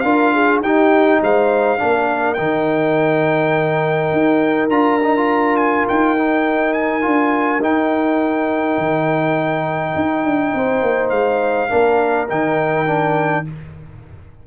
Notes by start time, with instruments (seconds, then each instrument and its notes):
0.00 tuba D4, trombone F4, horn A#4, trumpet F5
0.33 horn G#4
0.60 tuba D#4, trombone D#4, horn G4, trumpet G5
1.22 tuba G#3, horn C5, trumpet F5
1.78 tuba A#3, trombone D4, horn A#4
2.34 tuba D#3, trombone D#4, trumpet G5
4.12 tuba D#4
4.69 tuba D4, trombone F4, trumpet A#5
5.03 trombone D#4
5.16 trombone F4
5.56 trumpet G#5
5.88 tuba D#4, trumpet G5
6.17 trombone D#4
6.73 trumpet G#5
7.02 tuba D4, trombone F4
7.60 tuba D#4, trombone D#4, trumpet G5
8.77 tuba D#3
9.95 tuba D#4
10.24 tuba D4
10.54 tuba C4, horn C5
10.82 tuba A#3
11.10 tuba G#3, trumpet F5
11.69 tuba A#3, trombone D4, horn A#4
12.28 tuba D#3, trombone D#4, trumpet G5
12.86 trombone D4